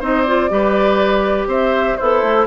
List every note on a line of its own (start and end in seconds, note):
0.00 0.50 C4
0.00 0.26 D#4
0.00 0.50 C5
0.00 0.21 D#5
0.21 0.49 F4
0.21 1.45 D5
0.49 1.47 G3
0.49 1.98 G4
0.49 1.48 B4
1.47 1.96 C4
1.47 1.98 C5
1.47 1.97 E5
1.97 2.22 B3
1.97 2.47 E4
1.97 2.47 A4
1.97 2.46 C5
2.22 2.47 A3